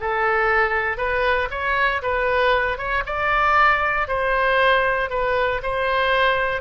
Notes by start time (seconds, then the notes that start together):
0.00 A4
0.97 B4
1.50 C#5
2.02 B4
2.77 C#5
3.05 D5
4.07 C5
5.10 B4
5.62 C5